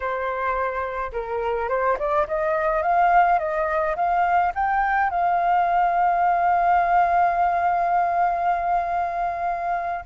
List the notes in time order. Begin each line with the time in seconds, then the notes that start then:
0.00 C5
1.12 A#4
1.68 C5
1.98 D5
2.27 D#5
2.82 F5
3.38 D#5
3.95 F5
4.55 G5
5.09 F5